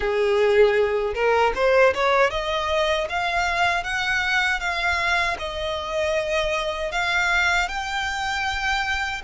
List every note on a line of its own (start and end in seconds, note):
0.00 1.14 G#4
1.14 1.52 A#4
1.55 1.93 C5
1.94 2.30 C#5
2.30 3.07 D#5
3.09 3.83 F5
3.83 4.59 F#5
4.59 5.36 F5
5.38 6.91 D#5
6.91 7.68 F5
7.68 9.22 G5